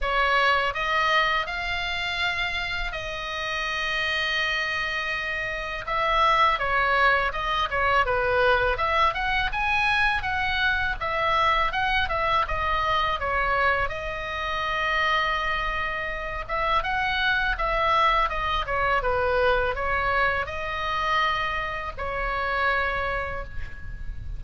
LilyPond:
\new Staff \with { instrumentName = "oboe" } { \time 4/4 \tempo 4 = 82 cis''4 dis''4 f''2 | dis''1 | e''4 cis''4 dis''8 cis''8 b'4 | e''8 fis''8 gis''4 fis''4 e''4 |
fis''8 e''8 dis''4 cis''4 dis''4~ | dis''2~ dis''8 e''8 fis''4 | e''4 dis''8 cis''8 b'4 cis''4 | dis''2 cis''2 | }